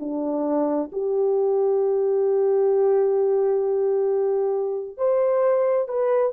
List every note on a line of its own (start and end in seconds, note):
0.00 0.91 D4
0.93 4.98 G4
4.98 5.89 C5
5.89 6.33 B4